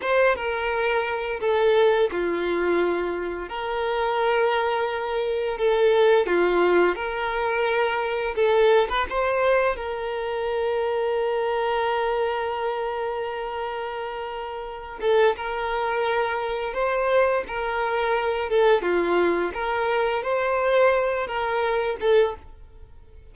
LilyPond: \new Staff \with { instrumentName = "violin" } { \time 4/4 \tempo 4 = 86 c''8 ais'4. a'4 f'4~ | f'4 ais'2. | a'4 f'4 ais'2 | a'8. b'16 c''4 ais'2~ |
ais'1~ | ais'4. a'8 ais'2 | c''4 ais'4. a'8 f'4 | ais'4 c''4. ais'4 a'8 | }